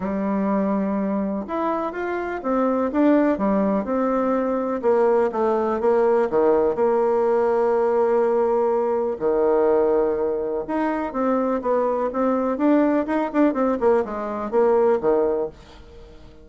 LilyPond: \new Staff \with { instrumentName = "bassoon" } { \time 4/4 \tempo 4 = 124 g2. e'4 | f'4 c'4 d'4 g4 | c'2 ais4 a4 | ais4 dis4 ais2~ |
ais2. dis4~ | dis2 dis'4 c'4 | b4 c'4 d'4 dis'8 d'8 | c'8 ais8 gis4 ais4 dis4 | }